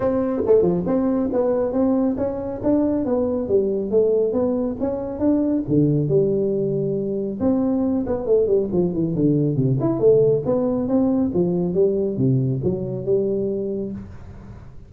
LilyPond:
\new Staff \with { instrumentName = "tuba" } { \time 4/4 \tempo 4 = 138 c'4 a8 f8 c'4 b4 | c'4 cis'4 d'4 b4 | g4 a4 b4 cis'4 | d'4 d4 g2~ |
g4 c'4. b8 a8 g8 | f8 e8 d4 c8 e'8 a4 | b4 c'4 f4 g4 | c4 fis4 g2 | }